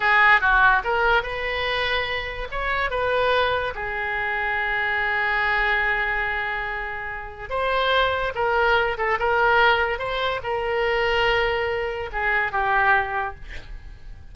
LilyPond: \new Staff \with { instrumentName = "oboe" } { \time 4/4 \tempo 4 = 144 gis'4 fis'4 ais'4 b'4~ | b'2 cis''4 b'4~ | b'4 gis'2.~ | gis'1~ |
gis'2 c''2 | ais'4. a'8 ais'2 | c''4 ais'2.~ | ais'4 gis'4 g'2 | }